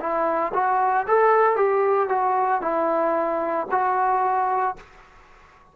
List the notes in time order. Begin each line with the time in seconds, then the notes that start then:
0.00 E4
0.54 F#4
1.08 A4
1.56 G4
2.09 F#4
2.62 E4
3.71 F#4